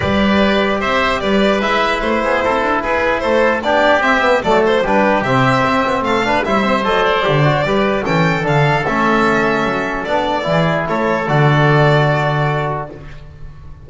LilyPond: <<
  \new Staff \with { instrumentName = "violin" } { \time 4/4 \tempo 4 = 149 d''2 e''4 d''4 | e''4 c''2 b'4 | c''4 d''4 e''4 d''8 c''8 | b'4 e''2 f''4 |
e''4 dis''8 d''2~ d''8 | g''4 f''4 e''2~ | e''4 d''2 cis''4 | d''1 | }
  \new Staff \with { instrumentName = "oboe" } { \time 4/4 b'2 c''4 b'4~ | b'4. gis'8 a'4 gis'4 | a'4 g'2 a'4 | g'2. a'8 b'8 |
c''2. b'4 | a'1~ | a'2 gis'4 a'4~ | a'1 | }
  \new Staff \with { instrumentName = "trombone" } { \time 4/4 g'1 | e'1~ | e'4 d'4 c'8 b8 a4 | d'4 c'2~ c'8 d'8 |
e'8 c'8 a'4 g'8 fis'8 g'4 | cis'4 d'4 cis'2~ | cis'4 d'4 e'2 | fis'1 | }
  \new Staff \with { instrumentName = "double bass" } { \time 4/4 g2 c'4 g4 | gis4 a8 b8 c'8 d'8 e'4 | a4 b4 c'4 fis4 | g4 c4 c'8 b8 a4 |
g4 fis4 d4 g4 | e4 d4 a2 | fis4 b4 e4 a4 | d1 | }
>>